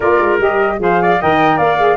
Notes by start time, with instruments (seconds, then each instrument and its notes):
0.00 tuba A#3, saxophone F4, trumpet A#4, flute D5
0.19 tuba G#3
0.39 tuba G3, saxophone G4, flute D#5
0.78 tuba F3, saxophone G#4, trumpet C5, flute F5
1.01 trumpet D5
1.21 tuba D#3, saxophone A#4, trumpet D#5, flute G5
1.57 tuba A#3, trumpet D5, flute F5
1.78 saxophone G#4